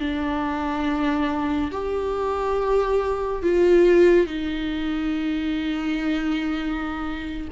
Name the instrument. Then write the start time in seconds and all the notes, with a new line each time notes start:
viola
0.00 D4
1.72 G4
3.43 F4
4.27 D#4